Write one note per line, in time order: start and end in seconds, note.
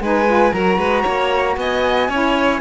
0.00 0.52 G#3
0.00 0.26 D#4
0.00 0.53 B4
0.00 0.52 G#5
0.26 0.52 F4
0.52 0.77 F#3
0.52 2.10 F#4
0.52 0.78 A#4
0.52 1.56 A#5
0.77 1.04 G#3
0.77 1.02 B4
1.02 1.56 A#3
1.02 1.54 C#5
1.56 2.08 B3
1.56 2.09 D#5
1.56 2.61 G#5
2.08 2.61 C#4
2.08 2.61 E4
2.08 2.61 C#5